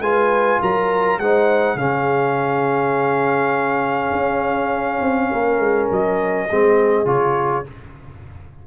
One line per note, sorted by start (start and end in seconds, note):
0.00 0.59 G#3
0.00 1.20 F4
0.00 0.61 B4
0.00 0.60 G#5
0.61 1.19 F#3
0.61 1.20 A#4
0.61 1.19 A#5
1.19 1.75 G#3
1.19 1.78 D#4
1.19 1.79 C5
1.19 1.78 F#5
1.75 4.11 C#3
1.75 6.49 C#4
1.75 5.31 G#4
1.75 5.89 F5
4.12 5.01 C#4
5.01 5.30 C4
5.31 5.59 A#3
5.31 6.48 A#4
5.59 5.88 G#3
5.91 6.50 F#3
5.91 7.08 D#5
6.49 7.05 G#3
6.49 7.05 C4
6.49 7.67 G#4
7.05 7.64 C#3
7.05 7.64 F4
7.05 7.66 C#5